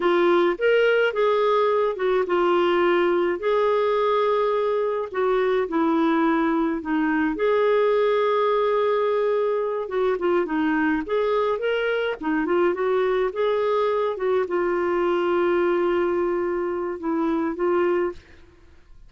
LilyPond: \new Staff \with { instrumentName = "clarinet" } { \time 4/4 \tempo 4 = 106 f'4 ais'4 gis'4. fis'8 | f'2 gis'2~ | gis'4 fis'4 e'2 | dis'4 gis'2.~ |
gis'4. fis'8 f'8 dis'4 gis'8~ | gis'8 ais'4 dis'8 f'8 fis'4 gis'8~ | gis'4 fis'8 f'2~ f'8~ | f'2 e'4 f'4 | }